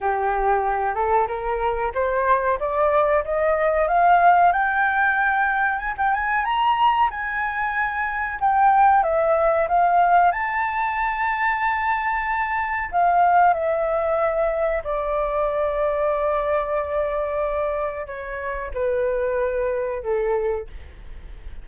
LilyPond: \new Staff \with { instrumentName = "flute" } { \time 4/4 \tempo 4 = 93 g'4. a'8 ais'4 c''4 | d''4 dis''4 f''4 g''4~ | g''4 gis''16 g''16 gis''8 ais''4 gis''4~ | gis''4 g''4 e''4 f''4 |
a''1 | f''4 e''2 d''4~ | d''1 | cis''4 b'2 a'4 | }